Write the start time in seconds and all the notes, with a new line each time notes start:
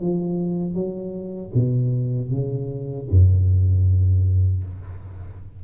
0.00 F3
0.74 F#3
1.54 B2
2.30 C#3
3.09 F#2